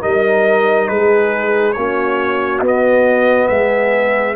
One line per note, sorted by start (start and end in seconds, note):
0.00 0.90 G3
0.00 1.74 D#4
0.00 0.88 A#4
0.00 0.87 D#5
0.87 1.76 G#3
0.87 1.75 G#4
0.87 1.72 B4
1.72 2.61 A#3
1.72 2.62 C#4
1.72 3.50 F#4
1.72 2.59 C#5
2.61 3.48 B3
2.61 4.36 B3
2.61 3.48 D#5
3.48 4.36 G#3
3.48 4.36 G#4
3.48 4.35 E5